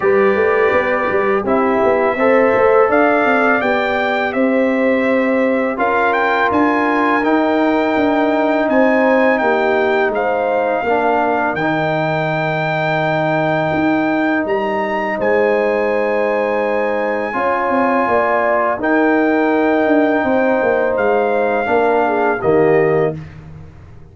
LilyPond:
<<
  \new Staff \with { instrumentName = "trumpet" } { \time 4/4 \tempo 4 = 83 d''2 e''2 | f''4 g''4 e''2 | f''8 g''8 gis''4 g''2 | gis''4 g''4 f''2 |
g''1 | ais''4 gis''2.~ | gis''2 g''2~ | g''4 f''2 dis''4 | }
  \new Staff \with { instrumentName = "horn" } { \time 4/4 b'2 g'4 c''4 | d''2 c''2 | ais'1 | c''4 g'4 c''4 ais'4~ |
ais'1~ | ais'4 c''2. | cis''4 d''4 ais'2 | c''2 ais'8 gis'8 g'4 | }
  \new Staff \with { instrumentName = "trombone" } { \time 4/4 g'2 e'4 a'4~ | a'4 g'2. | f'2 dis'2~ | dis'2. d'4 |
dis'1~ | dis'1 | f'2 dis'2~ | dis'2 d'4 ais4 | }
  \new Staff \with { instrumentName = "tuba" } { \time 4/4 g8 a8 b8 g8 c'8 b8 c'8 a8 | d'8 c'8 b4 c'2 | cis'4 d'4 dis'4 d'4 | c'4 ais4 gis4 ais4 |
dis2. dis'4 | g4 gis2. | cis'8 c'8 ais4 dis'4. d'8 | c'8 ais8 gis4 ais4 dis4 | }
>>